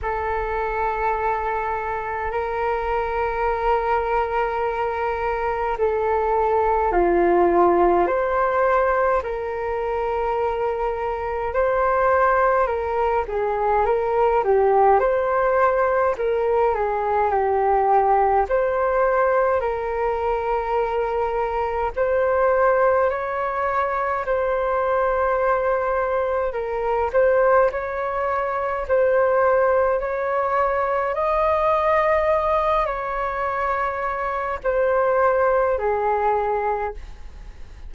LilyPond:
\new Staff \with { instrumentName = "flute" } { \time 4/4 \tempo 4 = 52 a'2 ais'2~ | ais'4 a'4 f'4 c''4 | ais'2 c''4 ais'8 gis'8 | ais'8 g'8 c''4 ais'8 gis'8 g'4 |
c''4 ais'2 c''4 | cis''4 c''2 ais'8 c''8 | cis''4 c''4 cis''4 dis''4~ | dis''8 cis''4. c''4 gis'4 | }